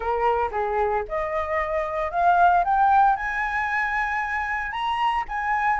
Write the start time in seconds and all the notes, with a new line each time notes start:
0.00 A#4
0.51 G#4
1.08 D#5
2.11 F5
2.64 G5
3.16 G#5
4.71 A#5
5.28 G#5